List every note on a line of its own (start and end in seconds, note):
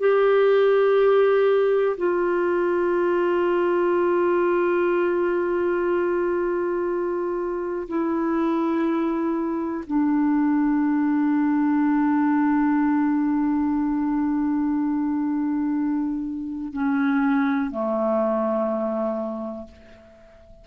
0.00 1.97 G4
1.98 7.88 F4
7.88 9.85 E4
9.87 16.73 D4
16.73 17.71 C#4
17.71 19.68 A3